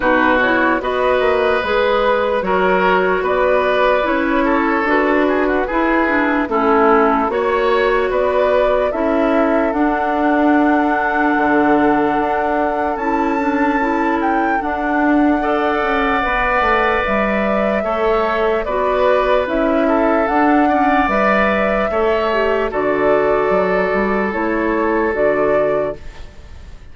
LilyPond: <<
  \new Staff \with { instrumentName = "flute" } { \time 4/4 \tempo 4 = 74 b'8 cis''8 dis''4 b'4 cis''4 | d''4 cis''4 b'2 | a'4 cis''4 d''4 e''4 | fis''1 |
a''4. g''8 fis''2~ | fis''4 e''2 d''4 | e''4 fis''4 e''2 | d''2 cis''4 d''4 | }
  \new Staff \with { instrumentName = "oboe" } { \time 4/4 fis'4 b'2 ais'4 | b'4. a'4 gis'16 fis'16 gis'4 | e'4 cis''4 b'4 a'4~ | a'1~ |
a'2. d''4~ | d''2 cis''4 b'4~ | b'8 a'4 d''4. cis''4 | a'1 | }
  \new Staff \with { instrumentName = "clarinet" } { \time 4/4 dis'8 e'8 fis'4 gis'4 fis'4~ | fis'4 e'4 fis'4 e'8 d'8 | cis'4 fis'2 e'4 | d'1 |
e'8 d'8 e'4 d'4 a'4 | b'2 a'4 fis'4 | e'4 d'8 cis'8 b'4 a'8 g'8 | fis'2 e'4 fis'4 | }
  \new Staff \with { instrumentName = "bassoon" } { \time 4/4 b,4 b8 ais8 gis4 fis4 | b4 cis'4 d'4 e'4 | a4 ais4 b4 cis'4 | d'2 d4 d'4 |
cis'2 d'4. cis'8 | b8 a8 g4 a4 b4 | cis'4 d'4 g4 a4 | d4 fis8 g8 a4 d4 | }
>>